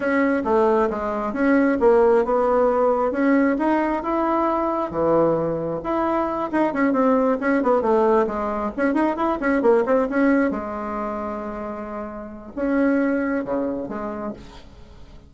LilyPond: \new Staff \with { instrumentName = "bassoon" } { \time 4/4 \tempo 4 = 134 cis'4 a4 gis4 cis'4 | ais4 b2 cis'4 | dis'4 e'2 e4~ | e4 e'4. dis'8 cis'8 c'8~ |
c'8 cis'8 b8 a4 gis4 cis'8 | dis'8 e'8 cis'8 ais8 c'8 cis'4 gis8~ | gis1 | cis'2 cis4 gis4 | }